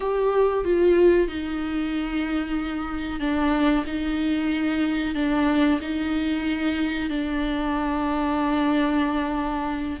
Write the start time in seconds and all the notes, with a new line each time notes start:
0.00 G4
0.64 F4
1.27 D#4
3.20 D4
3.86 D#4
5.14 D4
5.81 D#4
7.09 D4